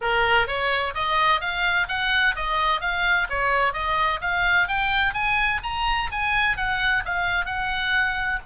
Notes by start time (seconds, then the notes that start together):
0.01 A#4
0.47 C#5
0.94 D#5
1.40 F5
1.88 F#5
2.35 D#5
2.80 F5
3.29 C#5
3.73 D#5
4.21 F5
4.67 G5
5.13 G#5
5.63 A#5
6.11 G#5
6.56 F#5
7.05 F5
7.45 F#5